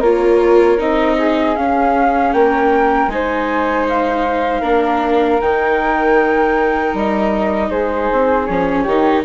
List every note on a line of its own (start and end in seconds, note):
0.00 0.77 A#3
0.00 0.78 F4
0.00 1.15 A#4
0.00 0.79 C#5
0.78 1.56 C4
0.78 1.55 D#4
0.78 1.56 D#5
1.18 2.33 G#4
1.56 3.10 C#4
1.56 2.33 C#4
1.56 2.32 F5
2.32 3.07 A#3
2.32 3.11 A#4
2.32 3.08 G5
3.07 4.61 G#3
3.07 4.62 D#4
3.07 3.85 G#5
3.13 4.60 C5
3.88 5.41 F5
4.60 5.40 A#3
4.60 5.39 D4
4.60 7.68 A#4
5.41 6.93 D#3
5.41 8.48 D#4
5.41 6.94 G5
6.93 7.70 G3
6.93 7.70 D#5
7.70 8.10 G#3
7.70 8.83 G#4
7.70 8.45 C5
8.12 8.48 C4
8.45 8.86 F3
8.45 8.87 C#4
8.45 9.22 C#5
8.83 9.24 D#3
8.83 9.25 D#4
8.83 9.22 G4